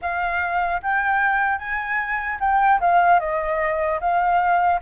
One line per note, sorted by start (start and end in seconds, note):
0.01 0.81 F5
0.82 1.58 G5
1.58 2.38 G#5
2.40 2.80 G5
2.80 3.19 F5
3.19 3.99 D#5
4.00 4.80 F5